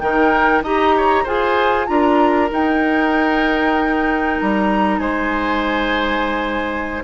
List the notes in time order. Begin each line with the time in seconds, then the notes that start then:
0.00 D#3 D#4 A#4 G5
0.63 D#4 G4 D#5 A#5
0.98 C#5
1.24 F4 G#4 C5 G#5
1.87 D4 F4 A#4 A#5
2.50 D#4 G5
4.41 G3 A#5
4.99 G#3 C5 G#5